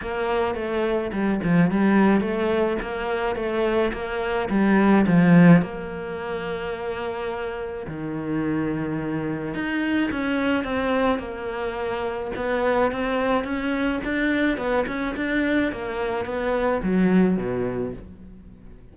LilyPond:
\new Staff \with { instrumentName = "cello" } { \time 4/4 \tempo 4 = 107 ais4 a4 g8 f8 g4 | a4 ais4 a4 ais4 | g4 f4 ais2~ | ais2 dis2~ |
dis4 dis'4 cis'4 c'4 | ais2 b4 c'4 | cis'4 d'4 b8 cis'8 d'4 | ais4 b4 fis4 b,4 | }